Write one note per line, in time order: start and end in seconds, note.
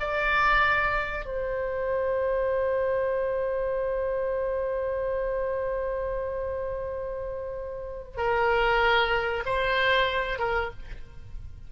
0.00 1.25 D5
1.25 8.17 C5
8.17 9.44 A#4
9.46 10.39 C5
10.39 10.71 A#4